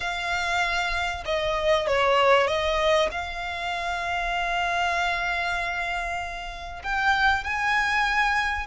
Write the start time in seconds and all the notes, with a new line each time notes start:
0.00 F5
1.25 D#5
1.87 C#5
2.47 D#5
3.11 F5
6.83 G5
7.44 G#5